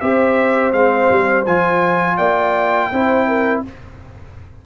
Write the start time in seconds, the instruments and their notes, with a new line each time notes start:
0.00 tuba C4, trombone G4, horn C5, trumpet E5
0.73 tuba G#3, trombone C4, trumpet F5
1.10 tuba G3
1.46 tuba F3, trombone F4, trumpet G#5
2.17 tuba A#3, horn D5, trumpet G5
2.92 tuba C4, trombone E4, horn C5
3.28 horn A#4